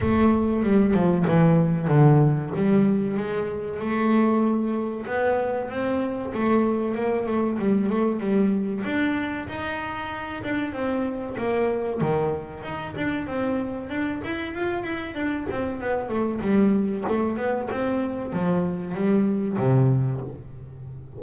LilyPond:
\new Staff \with { instrumentName = "double bass" } { \time 4/4 \tempo 4 = 95 a4 g8 f8 e4 d4 | g4 gis4 a2 | b4 c'4 a4 ais8 a8 | g8 a8 g4 d'4 dis'4~ |
dis'8 d'8 c'4 ais4 dis4 | dis'8 d'8 c'4 d'8 e'8 f'8 e'8 | d'8 c'8 b8 a8 g4 a8 b8 | c'4 f4 g4 c4 | }